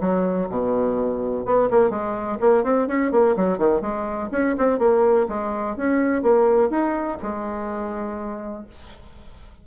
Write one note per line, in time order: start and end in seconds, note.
0.00 0.48 F#3
0.49 1.45 B2
1.45 1.69 B3
1.70 1.89 A#3
1.89 2.37 G#3
2.40 2.63 A#3
2.63 2.87 C4
2.87 3.11 C#4
3.11 3.35 A#3
3.36 3.57 F#3
3.57 3.81 D#3
3.81 4.29 G#3
4.31 4.55 C#4
4.58 4.78 C4
4.78 5.26 A#3
5.28 5.76 G#3
5.76 6.22 C#4
6.22 6.70 A#3
6.70 7.18 D#4
7.22 8.66 G#3